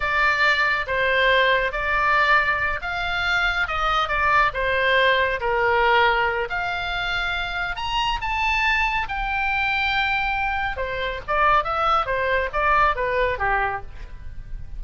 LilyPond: \new Staff \with { instrumentName = "oboe" } { \time 4/4 \tempo 4 = 139 d''2 c''2 | d''2~ d''8 f''4.~ | f''8 dis''4 d''4 c''4.~ | c''8 ais'2~ ais'8 f''4~ |
f''2 ais''4 a''4~ | a''4 g''2.~ | g''4 c''4 d''4 e''4 | c''4 d''4 b'4 g'4 | }